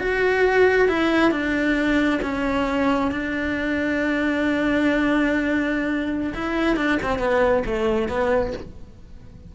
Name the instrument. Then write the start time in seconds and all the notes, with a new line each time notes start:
cello
0.00 F#4
0.89 E4
1.31 D4
2.22 C#4
3.12 D4
6.35 E4
6.77 D4
7.03 C4
7.19 B3
7.66 A3
8.09 B3